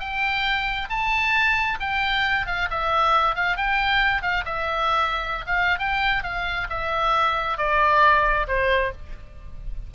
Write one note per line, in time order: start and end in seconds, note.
0.00 0.89 G5
0.90 1.79 A5
1.80 2.47 G5
2.47 2.69 F5
2.71 3.36 E5
3.36 3.57 F5
3.57 4.22 G5
4.22 4.44 F5
4.45 5.45 E5
5.47 5.79 F5
5.79 6.23 G5
6.23 6.68 F5
6.70 7.58 E5
7.58 8.47 D5
8.48 8.92 C5